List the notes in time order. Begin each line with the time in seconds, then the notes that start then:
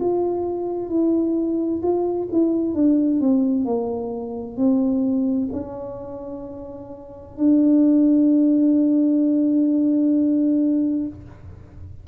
0.00 F4
0.89 E4
1.83 F4
2.32 E4
2.74 D4
3.21 C4
3.65 A#3
4.57 C4
5.53 C#4
7.38 D4